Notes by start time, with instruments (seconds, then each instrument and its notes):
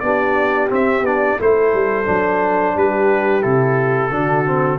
0.00 tuba B3, trombone D4, horn G4, trumpet D5
0.69 trombone C4, tuba C4, trumpet E5
1.02 tuba B3, trombone D4, trumpet D5
1.39 tuba A3, trombone E4, horn A4, trumpet C5
1.74 tuba G3
2.05 tuba F#3, trombone D4
2.75 tuba G3, horn G4, trumpet B4
3.42 tuba C3, trombone E4, trumpet A4
4.11 tuba D3, trombone D4, horn F#4
4.46 trombone C4